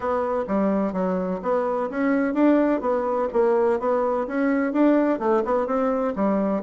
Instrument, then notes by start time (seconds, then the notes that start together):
bassoon
0.00 B3
0.47 G3
0.92 F#3
1.42 B3
1.90 C#4
2.33 D4
2.80 B3
3.32 A#3
3.79 B3
4.27 C#4
4.72 D4
5.19 A3
5.45 B3
5.66 C4
6.15 G3